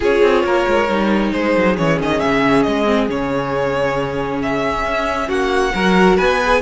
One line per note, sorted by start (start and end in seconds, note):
0.00 0.22 C#4
0.00 0.88 F4
0.00 0.43 G#4
0.00 1.32 C#5
0.22 0.43 C4
0.43 0.65 A#3
0.43 1.32 A#4
0.66 0.88 G#3
0.88 1.32 G3
0.88 1.77 D#4
1.32 1.55 G#3
1.32 5.27 G#4
1.32 1.76 C5
1.57 1.78 F#3
1.77 2.00 E3
1.77 2.85 C#4
1.77 1.99 C#5
2.00 2.22 D#3
2.00 2.20 D#5
2.20 2.66 C#3
2.20 2.62 E5
2.62 3.09 G#3
2.62 3.06 D#5
2.85 3.07 C4
3.08 4.84 C#3
3.08 5.73 C#4
3.08 4.41 C#5
4.41 5.29 E5
4.84 5.28 C#4
5.27 5.73 A#3
5.27 5.71 F#4
5.27 6.17 F#5
5.73 6.18 F#3
5.73 6.39 F#4
5.73 6.16 A#4
6.16 6.61 B3
6.16 6.60 B4
6.16 6.61 G#5
6.42 6.61 G#4